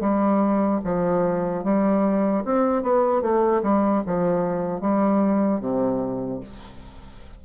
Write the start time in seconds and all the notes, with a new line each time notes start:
0.00 G3
0.84 F3
1.64 G3
2.45 C4
2.83 B3
3.22 A3
3.62 G3
4.06 F3
4.81 G3
5.60 C3